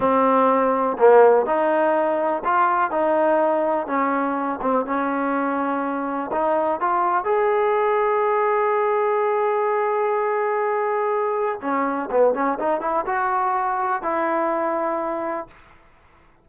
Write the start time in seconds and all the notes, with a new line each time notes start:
0.00 C4
0.98 A#3
1.45 D#4
2.44 F4
2.91 D#4
3.87 C#4
4.61 C4
4.85 C#4
6.31 D#4
6.80 F4
7.24 G#4
11.61 C#4
12.11 B3
12.34 C#4
12.59 D#4
12.80 E4
13.05 F#4
14.02 E4